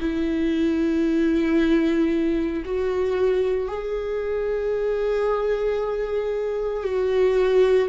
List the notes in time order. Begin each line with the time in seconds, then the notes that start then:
0.00 E4
2.65 F#4
3.68 G#4
6.84 F#4